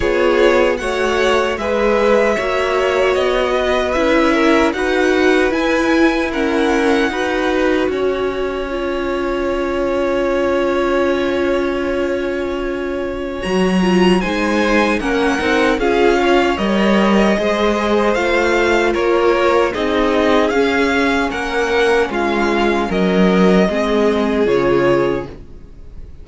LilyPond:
<<
  \new Staff \with { instrumentName = "violin" } { \time 4/4 \tempo 4 = 76 cis''4 fis''4 e''2 | dis''4 e''4 fis''4 gis''4 | fis''2 gis''2~ | gis''1~ |
gis''4 ais''4 gis''4 fis''4 | f''4 dis''2 f''4 | cis''4 dis''4 f''4 fis''4 | f''4 dis''2 cis''4 | }
  \new Staff \with { instrumentName = "violin" } { \time 4/4 gis'4 cis''4 b'4 cis''4~ | cis''8 b'4 ais'8 b'2 | ais'4 b'4 cis''2~ | cis''1~ |
cis''2 c''4 ais'4 | gis'8 cis''4. c''2 | ais'4 gis'2 ais'4 | f'4 ais'4 gis'2 | }
  \new Staff \with { instrumentName = "viola" } { \time 4/4 f'4 fis'4 gis'4 fis'4~ | fis'4 e'4 fis'4 e'4 | cis'4 fis'2 f'4~ | f'1~ |
f'4 fis'8 f'8 dis'4 cis'8 dis'8 | f'4 ais'4 gis'4 f'4~ | f'4 dis'4 cis'2~ | cis'2 c'4 f'4 | }
  \new Staff \with { instrumentName = "cello" } { \time 4/4 b4 a4 gis4 ais4 | b4 cis'4 dis'4 e'4~ | e'4 dis'4 cis'2~ | cis'1~ |
cis'4 fis4 gis4 ais8 c'8 | cis'4 g4 gis4 a4 | ais4 c'4 cis'4 ais4 | gis4 fis4 gis4 cis4 | }
>>